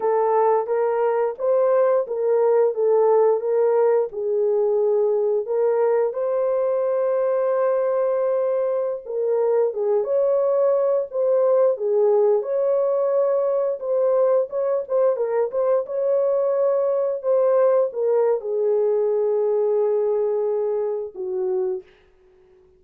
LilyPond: \new Staff \with { instrumentName = "horn" } { \time 4/4 \tempo 4 = 88 a'4 ais'4 c''4 ais'4 | a'4 ais'4 gis'2 | ais'4 c''2.~ | c''4~ c''16 ais'4 gis'8 cis''4~ cis''16~ |
cis''16 c''4 gis'4 cis''4.~ cis''16~ | cis''16 c''4 cis''8 c''8 ais'8 c''8 cis''8.~ | cis''4~ cis''16 c''4 ais'8. gis'4~ | gis'2. fis'4 | }